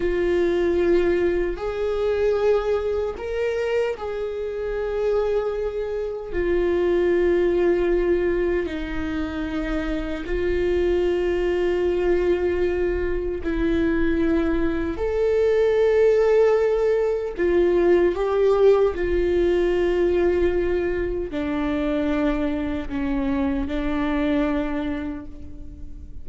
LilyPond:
\new Staff \with { instrumentName = "viola" } { \time 4/4 \tempo 4 = 76 f'2 gis'2 | ais'4 gis'2. | f'2. dis'4~ | dis'4 f'2.~ |
f'4 e'2 a'4~ | a'2 f'4 g'4 | f'2. d'4~ | d'4 cis'4 d'2 | }